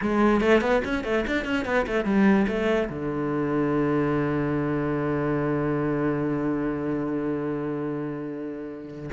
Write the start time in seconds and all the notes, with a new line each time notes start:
0.01 G#3
0.40 A3
0.61 B3
0.84 C#4
1.04 A3
1.26 D4
1.44 C#4
1.65 B3
1.86 A3
2.05 G3
2.47 A3
2.89 D3